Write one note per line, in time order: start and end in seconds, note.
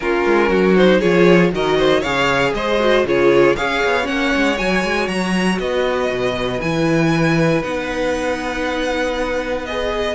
0.00 0.25 A#3
0.00 0.76 C#4
0.00 0.49 F4
0.00 0.76 A#4
0.25 0.49 G#3
0.49 1.00 F#3
0.49 0.99 F#4
0.76 1.01 D#4
0.76 1.00 C5
0.99 1.52 F3
0.99 1.52 F4
0.99 1.50 G#4
0.99 1.51 C#5
1.52 2.03 D#3
1.52 2.02 F#4
1.52 1.77 A#4
1.52 2.02 D#5
1.77 2.00 C5
2.00 2.53 C#3
2.00 2.79 G#4
2.00 2.51 C#5
2.00 2.53 F5
2.53 3.04 G#3
2.53 3.06 C5
2.53 3.05 D#5
2.79 3.05 F#4
3.04 3.54 C#3
3.04 3.57 F4
3.04 3.56 G#4
3.04 3.55 C#5
3.55 3.84 C#4
3.55 4.03 G#4
3.55 5.60 C#5
3.55 4.06 F5
3.84 4.08 B3
4.03 4.34 A#3
4.03 4.54 C#4
4.03 4.57 F#5
4.35 4.60 G#3
4.57 4.83 F#3
4.57 6.61 F#4
4.57 5.07 G#5
4.83 5.08 G#3
5.07 5.58 F#3
5.07 5.58 A#5
5.59 6.09 B3
5.59 10.15 B4
5.59 6.61 D#5
6.09 6.60 B2
6.61 7.62 E3
6.61 7.62 E4
6.61 7.62 G#5
7.62 10.15 B3
7.62 9.65 D#4
7.62 9.65 F#5
9.65 10.15 G#4
9.65 10.15 D#5